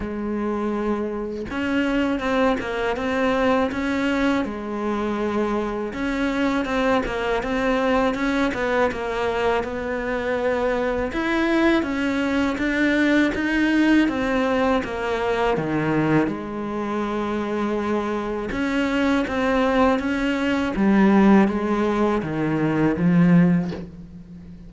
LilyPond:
\new Staff \with { instrumentName = "cello" } { \time 4/4 \tempo 4 = 81 gis2 cis'4 c'8 ais8 | c'4 cis'4 gis2 | cis'4 c'8 ais8 c'4 cis'8 b8 | ais4 b2 e'4 |
cis'4 d'4 dis'4 c'4 | ais4 dis4 gis2~ | gis4 cis'4 c'4 cis'4 | g4 gis4 dis4 f4 | }